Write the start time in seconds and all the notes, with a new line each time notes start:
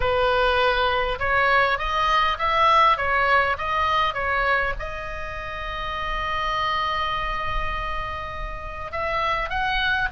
0.00 B4
1.19 C#5
1.78 D#5
2.38 E5
2.97 C#5
3.58 D#5
4.14 C#5
4.79 D#5
8.92 E5
9.49 F#5